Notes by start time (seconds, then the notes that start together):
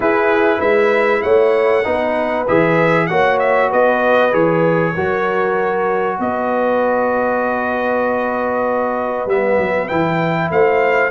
0.00 E4 G#4 B4
0.59 G#3 B4 E5
1.22 A3 C#5 F#5
1.84 B3 D#4 B4
2.47 E3 G#4 E5
3.07 A#3 F#4 C#5 F#5
3.39 E5
3.69 B3 B4 D#5
4.31 E3 G#4 C#5
4.94 F#3 F#4 A#4
6.18 B3 B4 D#5
9.26 G3 B3 E5
9.57 F#3
9.87 E3 E4 G5
10.50 A3 C5 F5